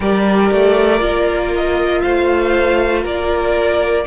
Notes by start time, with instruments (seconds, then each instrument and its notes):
0.00 cello G3, viola G4, violin A#4 D5
0.51 cello A3
0.99 cello A#3, viola F4
1.55 violin D#5
2.01 cello A3, violin C5 F5
3.03 cello A#3, violin A#4 D5